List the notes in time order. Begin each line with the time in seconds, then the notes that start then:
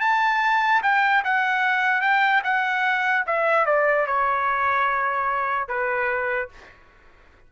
0.00 A5
0.82 G5
1.24 F#5
2.01 G5
2.44 F#5
3.27 E5
3.66 D5
4.07 C#5
5.68 B4